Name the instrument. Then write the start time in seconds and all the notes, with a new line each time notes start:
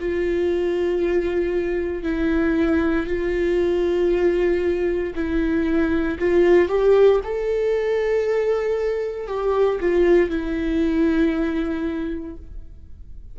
viola
0.00 F4
2.04 E4
3.07 F4
5.15 E4
6.19 F4
6.69 G4
7.24 A4
9.28 G4
9.80 F4
10.30 E4